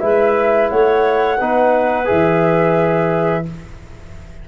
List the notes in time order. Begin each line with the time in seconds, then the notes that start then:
0.00 G#3 E4 B4 E5
0.70 A3 C#5 F#5
1.39 B3 D#4 B4
2.05 E3 G#4 E5